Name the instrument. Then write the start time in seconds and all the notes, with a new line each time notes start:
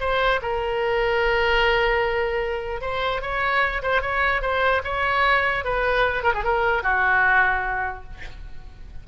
oboe
0.00 C5
0.42 A#4
2.81 C5
3.22 C#5
3.82 C5
4.01 C#5
4.41 C5
4.84 C#5
5.64 B4
6.23 A#4
6.34 G#4
6.44 A#4
6.83 F#4